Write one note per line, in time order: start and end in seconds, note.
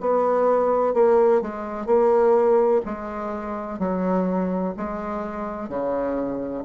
0.00 0.94 B3
0.94 1.41 A#3
1.41 1.86 G#3
1.86 2.81 A#3
2.85 3.79 G#3
3.79 4.74 F#3
4.77 5.69 G#3
5.69 6.64 C#3